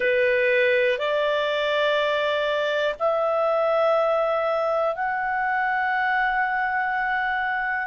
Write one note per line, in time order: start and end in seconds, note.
0.00 0.98 B4
0.98 2.95 D5
2.99 4.94 E5
4.94 7.86 F#5